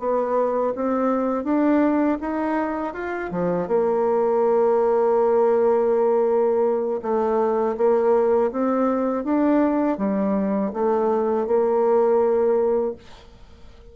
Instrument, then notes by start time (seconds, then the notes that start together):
bassoon
0.00 B3
0.75 C4
1.44 D4
2.21 D#4
2.94 F4
3.32 F3
3.68 A#3
7.02 A3
7.77 A#3
8.52 C4
9.25 D4
9.98 G3
10.73 A3
11.47 A#3